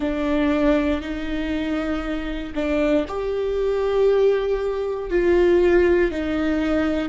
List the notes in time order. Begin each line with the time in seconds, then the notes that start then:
0.00 D4
1.01 D#4
2.54 D4
3.07 G4
5.10 F4
6.11 D#4